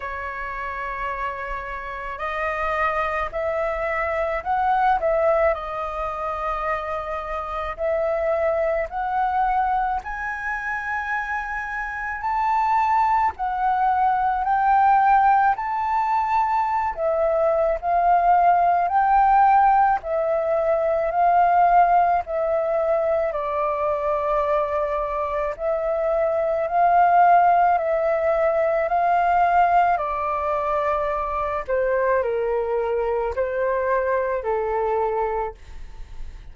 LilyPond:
\new Staff \with { instrumentName = "flute" } { \time 4/4 \tempo 4 = 54 cis''2 dis''4 e''4 | fis''8 e''8 dis''2 e''4 | fis''4 gis''2 a''4 | fis''4 g''4 a''4~ a''16 e''8. |
f''4 g''4 e''4 f''4 | e''4 d''2 e''4 | f''4 e''4 f''4 d''4~ | d''8 c''8 ais'4 c''4 a'4 | }